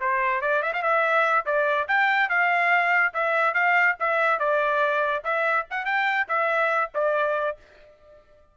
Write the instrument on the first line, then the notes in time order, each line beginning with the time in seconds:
trumpet
0.00 C5
0.41 D5
0.62 E5
0.73 F5
0.82 E5
1.46 D5
1.88 G5
2.29 F5
3.14 E5
3.54 F5
4.00 E5
4.39 D5
5.24 E5
5.70 F#5
5.85 G5
6.28 E5
6.94 D5